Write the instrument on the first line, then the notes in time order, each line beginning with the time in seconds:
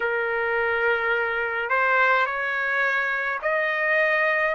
trumpet
0.00 A#4
1.69 C5
2.25 C#5
3.42 D#5